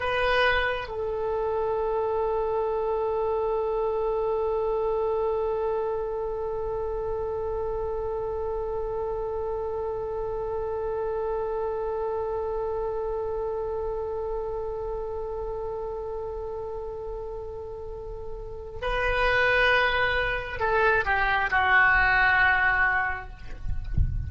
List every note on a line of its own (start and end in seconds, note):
0.00 0.88 B4
0.88 18.79 A4
18.82 20.60 B4
20.60 21.05 A4
21.05 21.50 G4
21.51 23.30 F#4